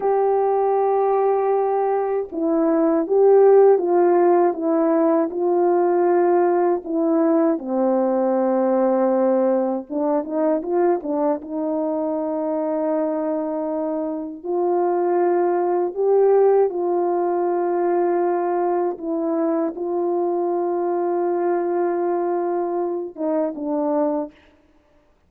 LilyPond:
\new Staff \with { instrumentName = "horn" } { \time 4/4 \tempo 4 = 79 g'2. e'4 | g'4 f'4 e'4 f'4~ | f'4 e'4 c'2~ | c'4 d'8 dis'8 f'8 d'8 dis'4~ |
dis'2. f'4~ | f'4 g'4 f'2~ | f'4 e'4 f'2~ | f'2~ f'8 dis'8 d'4 | }